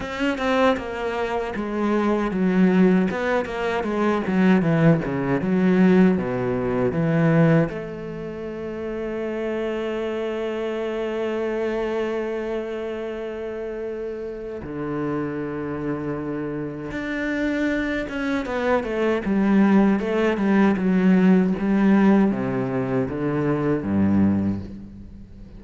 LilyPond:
\new Staff \with { instrumentName = "cello" } { \time 4/4 \tempo 4 = 78 cis'8 c'8 ais4 gis4 fis4 | b8 ais8 gis8 fis8 e8 cis8 fis4 | b,4 e4 a2~ | a1~ |
a2. d4~ | d2 d'4. cis'8 | b8 a8 g4 a8 g8 fis4 | g4 c4 d4 g,4 | }